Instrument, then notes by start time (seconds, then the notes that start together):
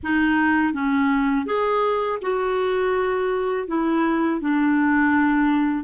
clarinet
0.03 D#4
0.73 C#4
1.46 G#4
2.22 F#4
3.67 E4
4.40 D4